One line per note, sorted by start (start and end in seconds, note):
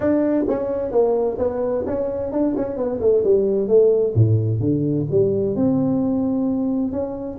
0.00 0.44 D4
0.47 0.91 C#4
0.91 1.37 A#3
1.38 1.84 B3
1.86 2.32 C#4
2.32 2.55 D4
2.56 2.76 C#4
2.76 2.99 B3
3.00 3.23 A3
3.23 3.67 G3
3.67 4.13 A3
4.14 4.59 A2
4.59 5.06 D3
5.10 5.55 G3
5.55 6.92 C4
6.92 7.38 C#4